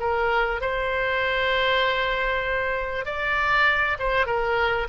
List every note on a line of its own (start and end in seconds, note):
0.00 0.61 A#4
0.61 3.06 C5
3.06 3.97 D5
3.99 4.26 C5
4.26 4.88 A#4